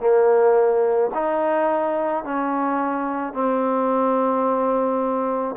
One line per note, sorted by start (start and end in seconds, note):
0.00 1.11 A#3
1.14 2.24 D#4
2.24 3.33 C#4
3.33 5.56 C4